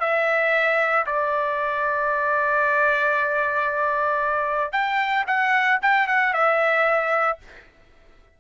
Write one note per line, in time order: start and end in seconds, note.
0.00 1.05 E5
1.06 4.72 D5
4.72 5.25 G5
5.27 5.79 F#5
5.82 6.07 G5
6.07 6.33 F#5
6.33 7.39 E5